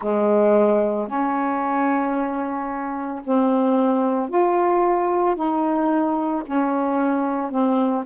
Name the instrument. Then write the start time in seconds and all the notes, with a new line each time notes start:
saxophone
0.01 G#3
1.07 C#4
3.24 C4
4.29 F4
5.35 D#4
6.46 C#4
7.50 C4